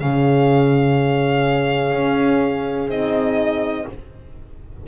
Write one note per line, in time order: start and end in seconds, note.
0.00 1.92 C#3
0.00 2.90 C#4
0.00 3.88 G#4
0.00 2.90 F5
1.92 2.88 C#4
2.88 3.85 C4
2.88 3.87 D#4
2.88 3.87 D#5